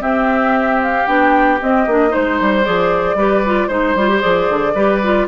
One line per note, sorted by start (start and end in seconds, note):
0.00 1.05 C4
0.00 1.06 C4
0.00 2.11 G4
0.00 0.80 E5
0.82 1.06 F5
1.06 1.60 B3
1.06 1.60 D4
1.06 1.59 G5
1.62 1.88 C4
1.62 1.87 C4
1.62 2.14 D#5
1.87 2.13 A#3
1.87 2.09 D4
2.09 2.62 D#4
2.09 3.16 C5
2.09 2.65 C5
2.16 2.41 G#3
2.41 2.67 G3
2.64 3.14 F3
2.64 3.17 G#4
2.64 3.68 D5
3.14 3.67 G3
3.14 3.44 G4
3.14 3.68 B4
3.46 3.70 F4
3.68 3.95 G#3
3.68 3.96 D#4
3.68 4.73 C5
3.68 4.21 C5
3.95 4.21 G3
3.95 4.09 F4
4.09 4.21 G4
4.21 4.49 F3
4.21 4.73 G#4
4.21 5.27 D5
4.49 4.75 D3
4.75 5.27 G3
4.75 5.02 G4
4.75 5.27 B4
5.03 5.27 F4